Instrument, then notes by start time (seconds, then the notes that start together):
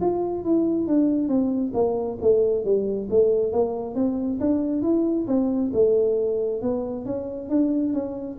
tuba
0.00 F4
0.44 E4
0.87 D4
1.28 C4
1.74 A#3
2.21 A3
2.64 G3
3.10 A3
3.52 A#3
3.95 C4
4.40 D4
4.82 E4
5.27 C4
5.73 A3
6.61 B3
7.05 C#4
7.49 D4
7.93 C#4